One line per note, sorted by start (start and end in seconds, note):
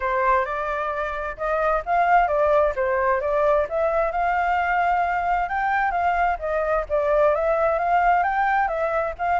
0.00 0.45 C5
0.45 1.36 D5
1.37 1.82 D#5
1.85 2.27 F5
2.27 2.73 D5
2.75 3.21 C5
3.21 3.66 D5
3.69 4.11 E5
4.11 5.48 F5
5.48 5.91 G5
5.91 6.37 F5
6.39 6.85 D#5
6.89 7.34 D5
7.34 7.78 E5
7.78 8.23 F5
8.23 8.68 G5
8.68 9.13 E5
9.18 9.40 F5